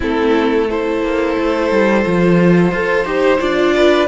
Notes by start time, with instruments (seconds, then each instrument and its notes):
0.00 cello A3, viola C4, violin E4 A4
0.69 viola E4, violin A4 C5
1.02 cello A#3
1.37 cello A3
1.71 cello G3
2.04 cello F3, viola F4
2.71 cello F4, viola A4, violin C5
3.05 cello D#4, viola G4
3.39 cello D4, viola F4, violin D5
3.75 violin B4